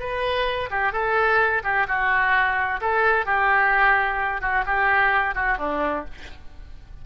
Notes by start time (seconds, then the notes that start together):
0.00 B4
0.71 G4
0.93 A4
1.64 G4
1.88 F#4
2.81 A4
3.26 G4
4.42 F#4
4.66 G4
5.35 F#4
5.59 D4